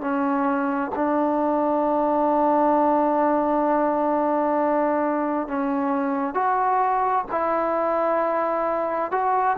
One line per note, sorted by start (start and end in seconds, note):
0.00 0.91 C#4
0.95 5.48 D4
5.48 6.34 C#4
6.34 7.25 F#4
7.31 9.11 E4
9.11 9.56 F#4